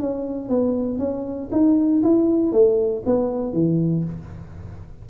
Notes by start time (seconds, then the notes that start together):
0.00 C#4
0.49 B3
0.99 C#4
1.52 D#4
2.03 E4
2.53 A3
3.06 B3
3.53 E3